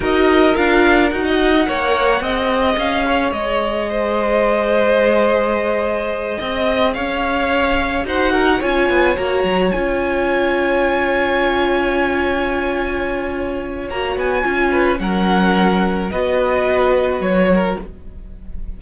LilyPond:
<<
  \new Staff \with { instrumentName = "violin" } { \time 4/4 \tempo 4 = 108 dis''4 f''4 fis''2~ | fis''4 f''4 dis''2~ | dis''1~ | dis''8 f''2 fis''4 gis''8~ |
gis''8 ais''4 gis''2~ gis''8~ | gis''1~ | gis''4 ais''8 gis''4. fis''4~ | fis''4 dis''2 cis''4 | }
  \new Staff \with { instrumentName = "violin" } { \time 4/4 ais'2~ ais'16 dis''8. cis''4 | dis''4. cis''4. c''4~ | c''2.~ c''8 dis''8~ | dis''8 cis''2 c''8 ais'8 cis''8~ |
cis''1~ | cis''1~ | cis''2~ cis''8 b'8 ais'4~ | ais'4 b'2~ b'8 ais'8 | }
  \new Staff \with { instrumentName = "viola" } { \time 4/4 fis'4 f'4 fis'4 ais'4 | gis'1~ | gis'1~ | gis'2~ gis'8 fis'4 f'8~ |
f'8 fis'4 f'2~ f'8~ | f'1~ | f'4 fis'4 f'4 cis'4~ | cis'4 fis'2. | }
  \new Staff \with { instrumentName = "cello" } { \time 4/4 dis'4 d'4 dis'4 ais4 | c'4 cis'4 gis2~ | gis2.~ gis8 c'8~ | c'8 cis'2 dis'4 cis'8 |
b8 ais8 fis8 cis'2~ cis'8~ | cis'1~ | cis'4 ais8 b8 cis'4 fis4~ | fis4 b2 fis4 | }
>>